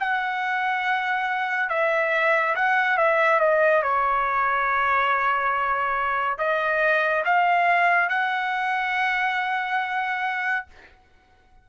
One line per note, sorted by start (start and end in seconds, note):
0.00 1.69 F#5
1.69 2.55 E5
2.55 2.98 F#5
2.98 3.40 E5
3.40 3.83 D#5
3.83 6.38 C#5
6.38 7.24 D#5
7.25 8.09 F5
8.09 10.66 F#5